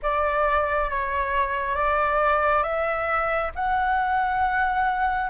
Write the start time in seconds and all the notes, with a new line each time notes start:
0.02 D5
0.90 C#5
1.75 D5
2.63 E5
3.55 F#5